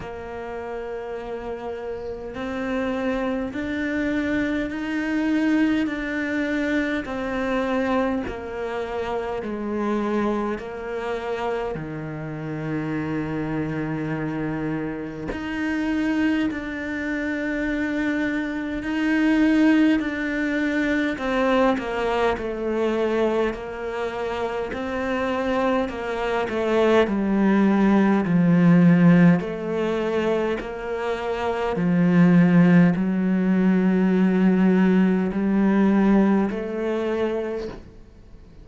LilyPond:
\new Staff \with { instrumentName = "cello" } { \time 4/4 \tempo 4 = 51 ais2 c'4 d'4 | dis'4 d'4 c'4 ais4 | gis4 ais4 dis2~ | dis4 dis'4 d'2 |
dis'4 d'4 c'8 ais8 a4 | ais4 c'4 ais8 a8 g4 | f4 a4 ais4 f4 | fis2 g4 a4 | }